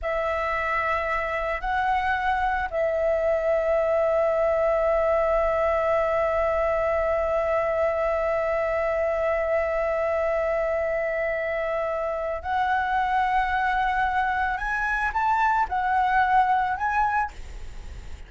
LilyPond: \new Staff \with { instrumentName = "flute" } { \time 4/4 \tempo 4 = 111 e''2. fis''4~ | fis''4 e''2.~ | e''1~ | e''1~ |
e''1~ | e''2. fis''4~ | fis''2. gis''4 | a''4 fis''2 gis''4 | }